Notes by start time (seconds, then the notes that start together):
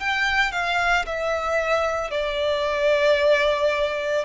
0.00 G5
0.52 F5
1.06 E5
2.11 D5